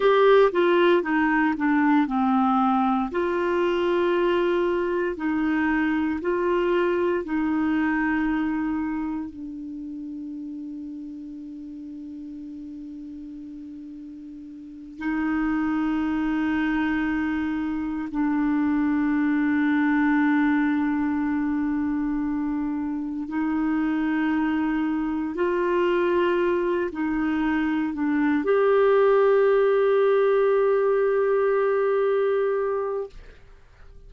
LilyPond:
\new Staff \with { instrumentName = "clarinet" } { \time 4/4 \tempo 4 = 58 g'8 f'8 dis'8 d'8 c'4 f'4~ | f'4 dis'4 f'4 dis'4~ | dis'4 d'2.~ | d'2~ d'8 dis'4.~ |
dis'4. d'2~ d'8~ | d'2~ d'8 dis'4.~ | dis'8 f'4. dis'4 d'8 g'8~ | g'1 | }